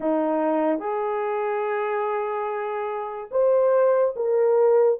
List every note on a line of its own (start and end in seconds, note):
0.00 0.79 D#4
0.79 3.29 G#4
3.31 4.14 C5
4.16 4.99 A#4